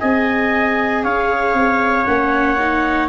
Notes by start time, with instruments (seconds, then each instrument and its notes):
0.00 tuba C4, viola G#4, trumpet D#5, clarinet G#5
1.04 tuba C#4, trumpet C#5, clarinet F5
1.54 tuba C4
2.05 tuba A#3, viola C#4, clarinet F#5
2.59 viola D#4